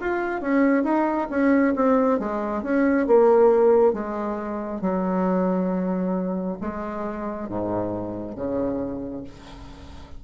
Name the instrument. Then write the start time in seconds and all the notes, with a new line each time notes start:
bassoon
0.00 F4
0.41 C#4
0.83 D#4
1.30 C#4
1.75 C4
2.19 G#3
2.62 C#4
3.06 A#3
3.93 G#3
4.81 F#3
6.61 G#3
7.49 G#2
8.35 C#3